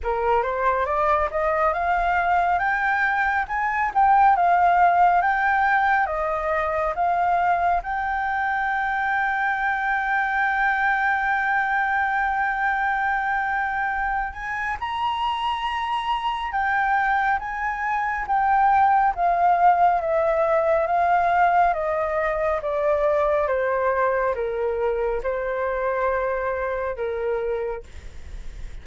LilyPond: \new Staff \with { instrumentName = "flute" } { \time 4/4 \tempo 4 = 69 ais'8 c''8 d''8 dis''8 f''4 g''4 | gis''8 g''8 f''4 g''4 dis''4 | f''4 g''2.~ | g''1~ |
g''8 gis''8 ais''2 g''4 | gis''4 g''4 f''4 e''4 | f''4 dis''4 d''4 c''4 | ais'4 c''2 ais'4 | }